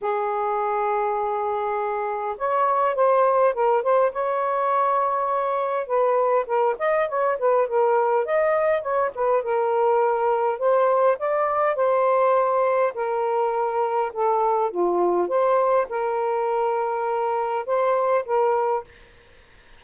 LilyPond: \new Staff \with { instrumentName = "saxophone" } { \time 4/4 \tempo 4 = 102 gis'1 | cis''4 c''4 ais'8 c''8 cis''4~ | cis''2 b'4 ais'8 dis''8 | cis''8 b'8 ais'4 dis''4 cis''8 b'8 |
ais'2 c''4 d''4 | c''2 ais'2 | a'4 f'4 c''4 ais'4~ | ais'2 c''4 ais'4 | }